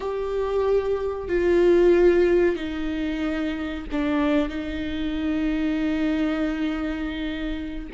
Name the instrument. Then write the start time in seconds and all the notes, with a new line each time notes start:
viola
0.00 G4
1.28 F4
2.55 D#4
3.91 D4
4.48 D#4